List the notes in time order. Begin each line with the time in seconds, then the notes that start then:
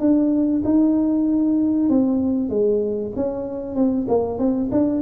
0.00 D4
0.65 D#4
1.90 C4
2.50 G#3
3.16 C#4
3.76 C4
4.08 A#3
4.39 C4
4.72 D4